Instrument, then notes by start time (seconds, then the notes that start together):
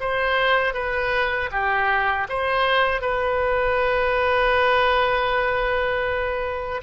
oboe
0.00 C5
0.74 B4
1.51 G4
2.29 C5
3.02 B4